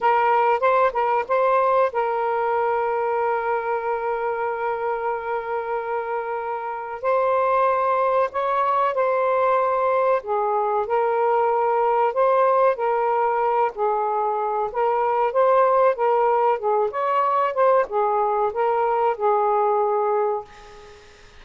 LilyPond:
\new Staff \with { instrumentName = "saxophone" } { \time 4/4 \tempo 4 = 94 ais'4 c''8 ais'8 c''4 ais'4~ | ais'1~ | ais'2. c''4~ | c''4 cis''4 c''2 |
gis'4 ais'2 c''4 | ais'4. gis'4. ais'4 | c''4 ais'4 gis'8 cis''4 c''8 | gis'4 ais'4 gis'2 | }